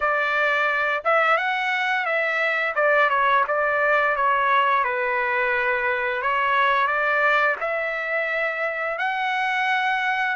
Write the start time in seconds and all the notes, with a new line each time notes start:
0.00 D5
1.04 E5
1.37 F#5
2.05 E5
2.75 D5
3.09 C#5
3.47 D5
4.15 C#5
4.84 B4
6.21 C#5
6.87 D5
7.60 E5
8.98 F#5